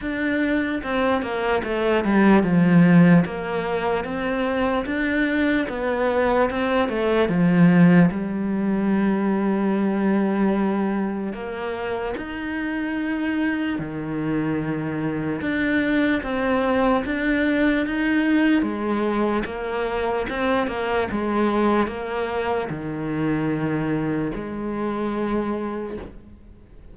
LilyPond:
\new Staff \with { instrumentName = "cello" } { \time 4/4 \tempo 4 = 74 d'4 c'8 ais8 a8 g8 f4 | ais4 c'4 d'4 b4 | c'8 a8 f4 g2~ | g2 ais4 dis'4~ |
dis'4 dis2 d'4 | c'4 d'4 dis'4 gis4 | ais4 c'8 ais8 gis4 ais4 | dis2 gis2 | }